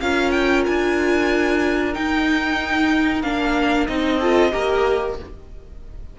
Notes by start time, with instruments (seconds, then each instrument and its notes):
0.00 cello C#4, viola F4, violin A#4 F5
0.30 violin G5
0.65 cello D4, violin G#5
1.94 viola D#4, cello D#4, violin G5
3.22 cello A#3, viola D4, violin F5
3.87 cello C4, viola D#4, violin D#5
4.19 viola F4, violin A4
4.51 cello A#3, viola G4, violin A#4